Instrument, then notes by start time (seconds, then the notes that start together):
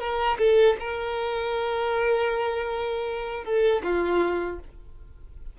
violin
0.00 A#4
0.39 A4
0.80 A#4
3.45 A4
3.84 F4